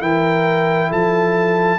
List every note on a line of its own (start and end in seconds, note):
0.00 0.91 E3
0.00 1.79 E4
0.00 0.88 A#4
0.00 0.91 G5
0.88 1.79 F3
0.88 1.78 A4
0.88 1.79 A5